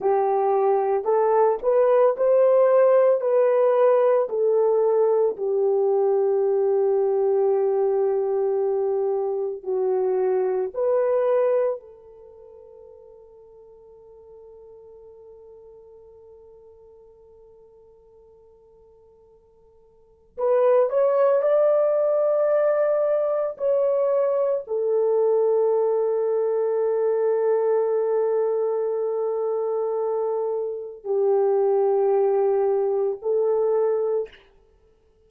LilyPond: \new Staff \with { instrumentName = "horn" } { \time 4/4 \tempo 4 = 56 g'4 a'8 b'8 c''4 b'4 | a'4 g'2.~ | g'4 fis'4 b'4 a'4~ | a'1~ |
a'2. b'8 cis''8 | d''2 cis''4 a'4~ | a'1~ | a'4 g'2 a'4 | }